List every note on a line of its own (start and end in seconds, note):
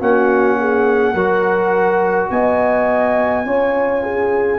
0.00 1.14 A#3
0.00 1.15 C#4
0.00 0.58 F#4
0.00 2.30 F#5
0.60 1.14 G#4
1.14 2.30 F#3
1.14 3.45 F#4
1.14 2.30 A#4
2.30 3.46 B3
2.30 3.47 D#5
2.30 4.59 G#5
3.45 4.59 C#4
3.45 4.59 F4
3.45 4.03 C#5
4.03 4.59 G#4